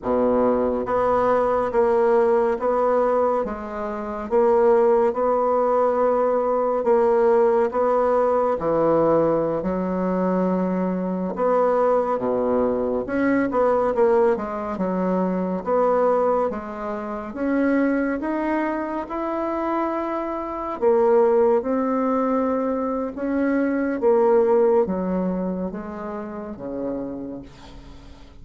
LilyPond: \new Staff \with { instrumentName = "bassoon" } { \time 4/4 \tempo 4 = 70 b,4 b4 ais4 b4 | gis4 ais4 b2 | ais4 b4 e4~ e16 fis8.~ | fis4~ fis16 b4 b,4 cis'8 b16~ |
b16 ais8 gis8 fis4 b4 gis8.~ | gis16 cis'4 dis'4 e'4.~ e'16~ | e'16 ais4 c'4.~ c'16 cis'4 | ais4 fis4 gis4 cis4 | }